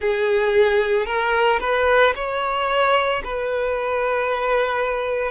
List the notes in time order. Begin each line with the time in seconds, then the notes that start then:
0.00 G#4
1.06 A#4
1.60 B4
2.15 C#5
3.24 B4